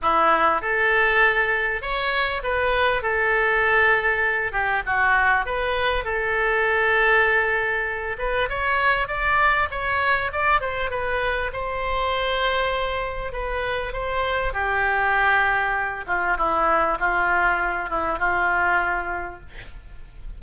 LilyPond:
\new Staff \with { instrumentName = "oboe" } { \time 4/4 \tempo 4 = 99 e'4 a'2 cis''4 | b'4 a'2~ a'8 g'8 | fis'4 b'4 a'2~ | a'4. b'8 cis''4 d''4 |
cis''4 d''8 c''8 b'4 c''4~ | c''2 b'4 c''4 | g'2~ g'8 f'8 e'4 | f'4. e'8 f'2 | }